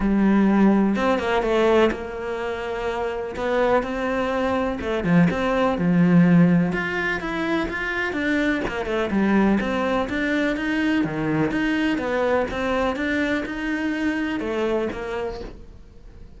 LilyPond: \new Staff \with { instrumentName = "cello" } { \time 4/4 \tempo 4 = 125 g2 c'8 ais8 a4 | ais2. b4 | c'2 a8 f8 c'4 | f2 f'4 e'4 |
f'4 d'4 ais8 a8 g4 | c'4 d'4 dis'4 dis4 | dis'4 b4 c'4 d'4 | dis'2 a4 ais4 | }